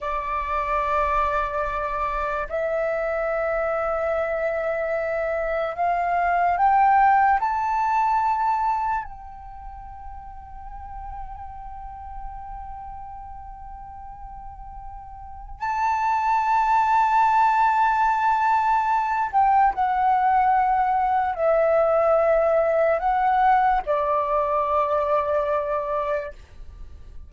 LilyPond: \new Staff \with { instrumentName = "flute" } { \time 4/4 \tempo 4 = 73 d''2. e''4~ | e''2. f''4 | g''4 a''2 g''4~ | g''1~ |
g''2. a''4~ | a''2.~ a''8 g''8 | fis''2 e''2 | fis''4 d''2. | }